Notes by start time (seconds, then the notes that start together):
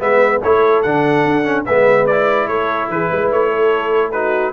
0.00 G#3 B3 B4 E5
0.43 A3 E4 A4 C#5
0.83 D3 D4 F#5
1.25 D4
1.44 C#4
1.66 G#3 B3 B4 E5
2.07 E4 D5
2.48 A3 A4 C#5
2.89 E3 G#4 B4
3.10 G#3 B4
3.31 A3 C#5
3.51 A4
4.11 D#4 F#4 B4